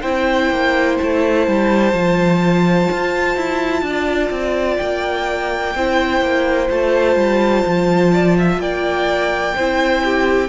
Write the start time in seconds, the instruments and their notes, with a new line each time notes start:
0.00 cello C4, viola E4, violin C5 G5
0.50 cello A#3
0.97 cello A3, violin A5
1.47 cello G3
1.93 cello F3, viola F4
2.91 cello F4
3.36 cello E4
3.82 cello D4, violin D5
4.30 cello C4
4.77 cello A#3, violin G5
5.75 cello C4, viola E4, violin C5
6.21 cello A#3
6.69 cello A3, viola F4, violin A5
7.15 cello G3
7.66 cello F3
8.13 violin D5
8.37 violin E5
8.58 cello A#3, violin D5 G5
9.55 cello C4, viola E4, violin C5
10.04 violin G4